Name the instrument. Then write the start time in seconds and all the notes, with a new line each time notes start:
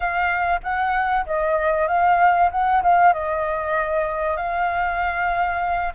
flute
0.00 F5
0.63 F#5
1.26 D#5
1.87 F5
2.51 F#5
2.82 F5
3.13 D#5
4.36 F5